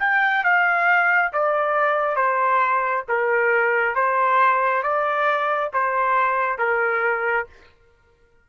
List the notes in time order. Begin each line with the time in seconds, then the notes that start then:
0.00 G5
0.44 F5
1.33 D5
2.16 C5
3.08 A#4
3.95 C5
4.83 D5
5.74 C5
6.59 A#4